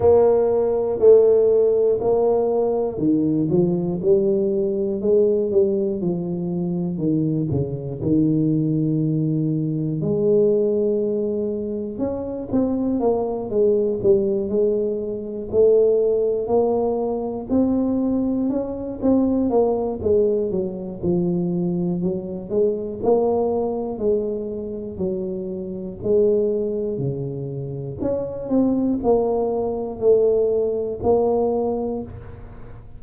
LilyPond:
\new Staff \with { instrumentName = "tuba" } { \time 4/4 \tempo 4 = 60 ais4 a4 ais4 dis8 f8 | g4 gis8 g8 f4 dis8 cis8 | dis2 gis2 | cis'8 c'8 ais8 gis8 g8 gis4 a8~ |
a8 ais4 c'4 cis'8 c'8 ais8 | gis8 fis8 f4 fis8 gis8 ais4 | gis4 fis4 gis4 cis4 | cis'8 c'8 ais4 a4 ais4 | }